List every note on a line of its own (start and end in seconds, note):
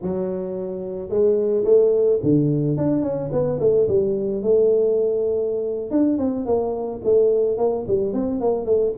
0.02 1.09 F#3
1.09 1.64 G#3
1.64 2.19 A3
2.22 2.77 D3
2.77 3.02 D4
3.02 3.30 C#4
3.32 3.59 B3
3.60 3.87 A3
3.88 4.42 G3
4.42 5.90 A3
5.90 6.18 D4
6.18 6.45 C4
6.45 7.00 A#3
7.04 7.57 A3
7.57 7.85 A#3
7.87 8.13 G3
8.13 8.40 C4
8.40 8.65 A#3
8.65 8.92 A3